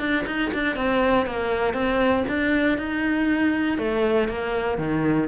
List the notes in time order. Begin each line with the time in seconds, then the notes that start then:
0.00 D4
0.27 D#4
0.54 D4
0.76 C4
1.27 A#3
1.74 C4
2.29 D4
2.79 D#4
3.79 A3
4.29 A#3
4.79 D#3